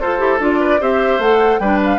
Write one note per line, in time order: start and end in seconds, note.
0.00 0.20 F4
0.00 0.60 A4
0.00 0.18 A4
0.00 0.40 C5
0.18 0.39 E4
0.18 0.39 G4
0.39 0.80 D4
0.39 0.80 F4
0.39 0.82 D5
0.60 0.80 B4
0.80 1.18 C4
0.80 1.20 G4
0.80 1.60 C5
0.80 1.21 E5
1.18 1.58 A3
1.18 1.62 A4
1.18 1.59 F#5
1.59 1.98 G3
1.59 1.98 D4
1.59 1.98 B4
1.59 1.79 G5
1.84 1.98 F5